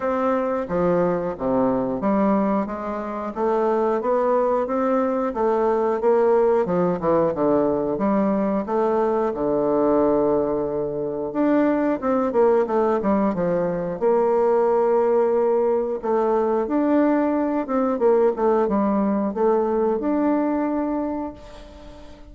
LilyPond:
\new Staff \with { instrumentName = "bassoon" } { \time 4/4 \tempo 4 = 90 c'4 f4 c4 g4 | gis4 a4 b4 c'4 | a4 ais4 f8 e8 d4 | g4 a4 d2~ |
d4 d'4 c'8 ais8 a8 g8 | f4 ais2. | a4 d'4. c'8 ais8 a8 | g4 a4 d'2 | }